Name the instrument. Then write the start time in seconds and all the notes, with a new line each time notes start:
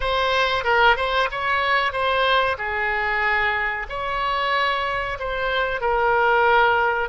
oboe
0.00 C5
0.64 A#4
0.96 C5
1.31 C#5
1.92 C5
2.57 G#4
3.89 C#5
5.19 C5
5.80 A#4